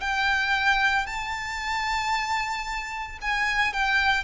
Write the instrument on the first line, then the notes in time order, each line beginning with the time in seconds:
violin
0.00 G5
1.06 A5
3.21 G#5
3.73 G5